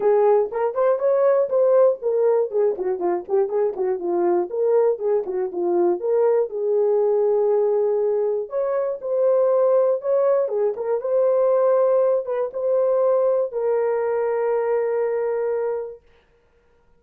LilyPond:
\new Staff \with { instrumentName = "horn" } { \time 4/4 \tempo 4 = 120 gis'4 ais'8 c''8 cis''4 c''4 | ais'4 gis'8 fis'8 f'8 g'8 gis'8 fis'8 | f'4 ais'4 gis'8 fis'8 f'4 | ais'4 gis'2.~ |
gis'4 cis''4 c''2 | cis''4 gis'8 ais'8 c''2~ | c''8 b'8 c''2 ais'4~ | ais'1 | }